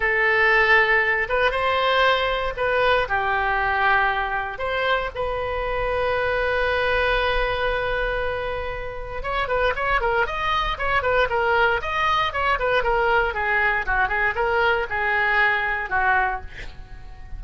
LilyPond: \new Staff \with { instrumentName = "oboe" } { \time 4/4 \tempo 4 = 117 a'2~ a'8 b'8 c''4~ | c''4 b'4 g'2~ | g'4 c''4 b'2~ | b'1~ |
b'2 cis''8 b'8 cis''8 ais'8 | dis''4 cis''8 b'8 ais'4 dis''4 | cis''8 b'8 ais'4 gis'4 fis'8 gis'8 | ais'4 gis'2 fis'4 | }